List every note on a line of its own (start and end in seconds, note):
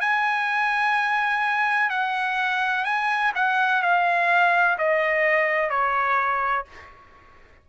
0.00 1.90 G#5
1.90 2.84 F#5
2.84 3.32 G#5
3.35 3.82 F#5
3.82 4.77 F5
4.78 5.69 D#5
5.69 6.65 C#5